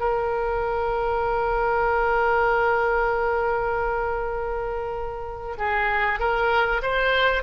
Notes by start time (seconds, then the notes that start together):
0.00 A#4
5.58 G#4
6.20 A#4
6.82 C5